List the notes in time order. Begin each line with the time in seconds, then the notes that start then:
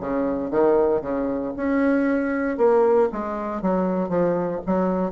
0.00 C#3
0.51 D#3
1.01 C#3
1.57 C#4
2.57 A#3
3.12 G#3
3.62 F#3
4.09 F3
4.66 F#3